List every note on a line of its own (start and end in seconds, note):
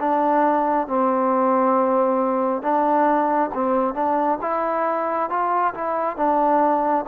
0.00 0.88 D4
0.88 2.62 C4
2.62 3.51 D4
3.55 3.95 C4
3.95 4.39 D4
4.42 5.30 E4
5.30 5.74 F4
5.75 6.17 E4
6.17 7.05 D4